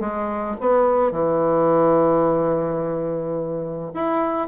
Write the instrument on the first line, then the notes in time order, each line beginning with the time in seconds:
bassoon
0.00 G#3
0.60 B3
1.12 E3
3.94 E4